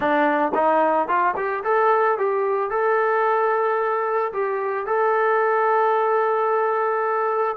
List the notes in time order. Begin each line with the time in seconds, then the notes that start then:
0.00 D4
0.54 D#4
1.07 F4
1.36 G4
1.64 A4
2.17 G4
2.70 A4
4.32 G4
4.86 A4